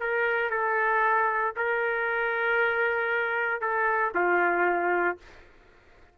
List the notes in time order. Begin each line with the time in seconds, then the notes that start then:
0.00 A#4
0.50 A4
1.56 A#4
3.61 A4
4.14 F4